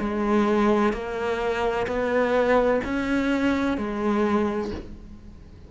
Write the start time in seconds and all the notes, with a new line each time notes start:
0.00 G#3
0.93 A#3
1.87 B3
2.84 C#4
3.78 G#3